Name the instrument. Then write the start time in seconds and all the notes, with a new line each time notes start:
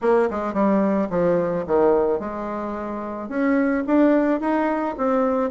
bassoon
0.01 A#3
0.30 G#3
0.53 G3
1.10 F3
1.66 D#3
2.19 G#3
3.28 C#4
3.87 D4
4.40 D#4
4.97 C4